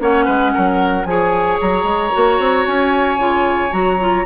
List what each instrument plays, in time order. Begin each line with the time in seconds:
0.00 bassoon A#3, clarinet C#4, oboe C#5, flute F#5
0.25 bassoon G#3, oboe B4
0.54 bassoon F#3, oboe A#4
1.05 bassoon F3, clarinet G#4, oboe C#5, flute G#5
1.61 bassoon F#3, flute A#5
1.84 bassoon G#3
2.12 bassoon A#3, clarinet F#4
2.39 bassoon C4
2.66 bassoon C#4, flute G#5
3.18 bassoon C#3, clarinet F4
3.71 bassoon F#3, clarinet F#4, flute A#5
4.00 clarinet F4